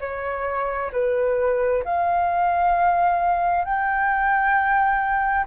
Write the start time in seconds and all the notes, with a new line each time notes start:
0.00 C#5
0.92 B4
1.85 F5
3.64 G5